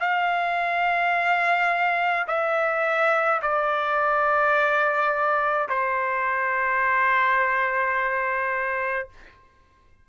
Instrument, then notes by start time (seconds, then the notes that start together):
trumpet
0.00 F5
2.28 E5
3.42 D5
5.69 C5